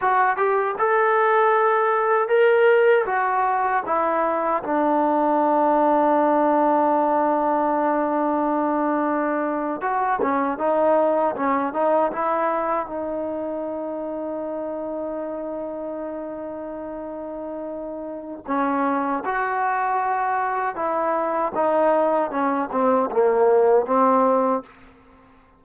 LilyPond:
\new Staff \with { instrumentName = "trombone" } { \time 4/4 \tempo 4 = 78 fis'8 g'8 a'2 ais'4 | fis'4 e'4 d'2~ | d'1~ | d'8. fis'8 cis'8 dis'4 cis'8 dis'8 e'16~ |
e'8. dis'2.~ dis'16~ | dis'1 | cis'4 fis'2 e'4 | dis'4 cis'8 c'8 ais4 c'4 | }